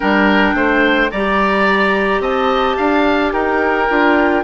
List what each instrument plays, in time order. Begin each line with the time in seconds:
0.00 bassoon G3, clarinet D4, oboe A#4, flute G5
0.53 bassoon A3, oboe C5
1.10 bassoon G3, clarinet G4, oboe D5, flute A#5
2.19 bassoon C4, oboe D#5, flute A5
2.76 bassoon D4, oboe F5
3.32 bassoon D#4, oboe A#4, flute G5
3.89 bassoon D4, clarinet F4